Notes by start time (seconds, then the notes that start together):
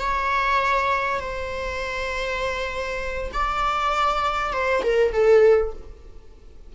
0.00 C#5
1.20 C5
3.33 D5
4.53 C5
4.84 A#4
5.13 A4